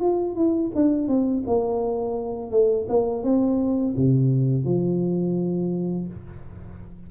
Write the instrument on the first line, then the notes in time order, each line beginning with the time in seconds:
tuba
0.00 F4
0.35 E4
0.75 D4
1.07 C4
1.47 A#3
2.51 A3
2.89 A#3
3.23 C4
3.96 C3
4.65 F3